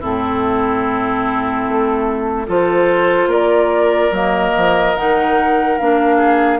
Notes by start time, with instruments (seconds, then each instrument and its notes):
0.00 bassoon A2, clarinet C4, oboe E4, flute A4
1.67 bassoon A3
2.47 bassoon F3, clarinet F4, oboe A4, flute C5
3.27 bassoon A#3, oboe A#4, flute D5
4.11 bassoon F#3, clarinet A#3, flute D#5
4.56 bassoon F3
4.95 bassoon D#3, clarinet D#4, flute F#5
5.78 bassoon A#3, clarinet D4, flute F5
6.17 oboe G#4